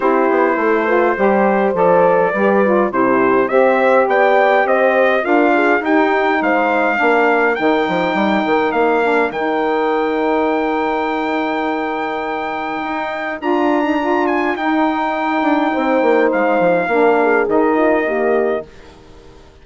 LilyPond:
<<
  \new Staff \with { instrumentName = "trumpet" } { \time 4/4 \tempo 4 = 103 c''2. d''4~ | d''4 c''4 e''4 g''4 | dis''4 f''4 g''4 f''4~ | f''4 g''2 f''4 |
g''1~ | g''2. ais''4~ | ais''8 gis''8 g''2. | f''2 dis''2 | }
  \new Staff \with { instrumentName = "horn" } { \time 4/4 g'4 a'8 b'8 c''2 | b'4 g'4 c''4 d''4 | c''4 ais'8 gis'8 g'4 c''4 | ais'1~ |
ais'1~ | ais'1~ | ais'2. c''4~ | c''4 ais'8 gis'4 f'8 g'4 | }
  \new Staff \with { instrumentName = "saxophone" } { \time 4/4 e'4. f'8 g'4 a'4 | g'8 f'8 e'4 g'2~ | g'4 f'4 dis'2 | d'4 dis'2~ dis'8 d'8 |
dis'1~ | dis'2. f'8. dis'16 | f'4 dis'2.~ | dis'4 d'4 dis'4 ais4 | }
  \new Staff \with { instrumentName = "bassoon" } { \time 4/4 c'8 b8 a4 g4 f4 | g4 c4 c'4 b4 | c'4 d'4 dis'4 gis4 | ais4 dis8 f8 g8 dis8 ais4 |
dis1~ | dis2 dis'4 d'4~ | d'4 dis'4. d'8 c'8 ais8 | gis8 f8 ais4 dis2 | }
>>